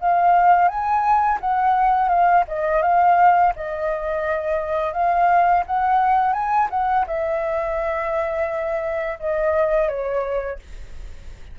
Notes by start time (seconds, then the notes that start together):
0.00 F5
0.68 G#5
1.40 F#5
2.08 F5
2.47 D#5
2.82 F5
3.56 D#5
4.93 F5
5.66 F#5
6.33 G#5
6.70 F#5
7.07 E5
9.19 D#5
9.88 C#5